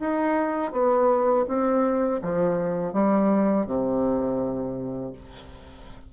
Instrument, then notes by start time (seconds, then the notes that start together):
bassoon
0.00 D#4
0.73 B3
1.48 C4
2.23 F3
2.93 G3
3.67 C3